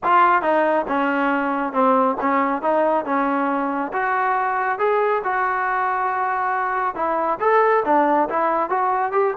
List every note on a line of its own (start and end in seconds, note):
0.03 0.42 F4
0.42 0.85 D#4
0.88 1.73 C#4
1.73 2.16 C4
2.20 2.62 C#4
2.62 3.05 D#4
3.05 3.92 C#4
3.92 4.78 F#4
4.78 5.22 G#4
5.24 6.95 F#4
6.95 7.38 E4
7.40 7.83 A4
7.85 8.28 D4
8.29 8.69 E4
8.69 9.12 F#4
9.12 9.33 G4